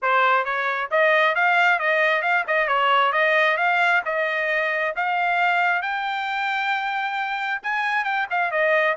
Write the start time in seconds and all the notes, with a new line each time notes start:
0.02 C5
0.44 C#5
0.91 D#5
1.35 F5
1.79 D#5
2.21 F5
2.47 D#5
2.67 C#5
3.12 D#5
3.57 F5
4.05 D#5
4.96 F5
5.81 G5
7.62 G#5
8.04 G5
8.30 F5
8.51 D#5